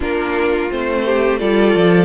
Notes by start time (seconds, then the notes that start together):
0.00 A#3 D4 F4 A#4
0.70 A3 C4 C5
1.05 G4
1.38 G3 F4 A4 D5
1.75 F3